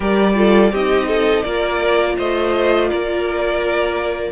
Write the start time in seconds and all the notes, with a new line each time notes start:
0.00 G3 G4 A#4 D5
0.34 F4 A4
0.71 C4 D#4 G4 D#5
1.07 A4
1.42 A#3 F4 A#4 D5
2.17 A3 C5 D#5
2.89 A#3 A#4 D5